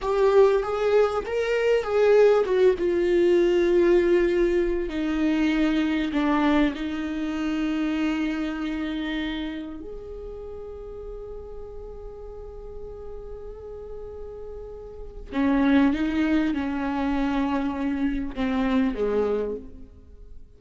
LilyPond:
\new Staff \with { instrumentName = "viola" } { \time 4/4 \tempo 4 = 98 g'4 gis'4 ais'4 gis'4 | fis'8 f'2.~ f'8 | dis'2 d'4 dis'4~ | dis'1 |
gis'1~ | gis'1~ | gis'4 cis'4 dis'4 cis'4~ | cis'2 c'4 gis4 | }